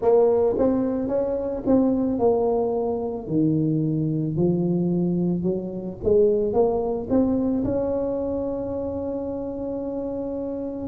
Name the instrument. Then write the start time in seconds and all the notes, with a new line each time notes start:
tuba
0.01 A#3
0.58 C4
1.08 C#4
1.66 C4
2.18 A#3
3.27 D#3
4.36 F3
5.42 F#3
6.03 G#3
6.53 A#3
7.09 C4
7.64 C#4